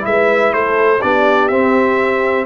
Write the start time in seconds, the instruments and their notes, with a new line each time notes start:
0.00 tuba G#3, trombone E4, trumpet E5
0.06 horn B4
0.53 tuba A3, horn A4, trumpet C5
1.01 tuba B3, trombone D4, horn G4, trumpet D5
1.48 tuba C4, trombone C4, trumpet E5